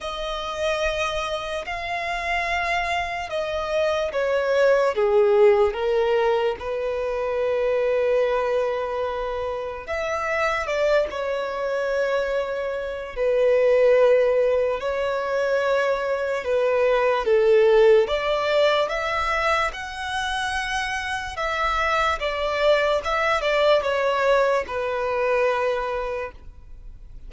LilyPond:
\new Staff \with { instrumentName = "violin" } { \time 4/4 \tempo 4 = 73 dis''2 f''2 | dis''4 cis''4 gis'4 ais'4 | b'1 | e''4 d''8 cis''2~ cis''8 |
b'2 cis''2 | b'4 a'4 d''4 e''4 | fis''2 e''4 d''4 | e''8 d''8 cis''4 b'2 | }